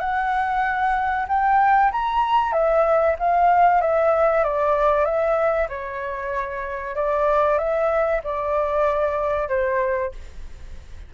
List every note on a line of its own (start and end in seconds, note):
0.00 1.26 F#5
1.29 1.92 G5
1.92 2.53 A#5
2.53 3.16 E5
3.20 3.81 F5
3.81 4.44 E5
4.44 5.05 D5
5.05 5.68 E5
5.69 6.96 C#5
6.96 7.59 D5
7.59 8.22 E5
8.24 9.49 D5
9.49 10.12 C5